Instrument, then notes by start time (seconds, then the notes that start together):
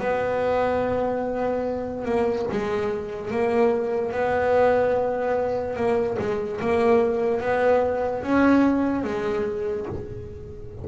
double bass
0.00 B3
2.05 A#3
2.51 G#3
3.31 A#3
4.12 B3
5.76 A#3
6.19 G#3
6.61 A#3
7.41 B3
8.23 C#4
9.04 G#3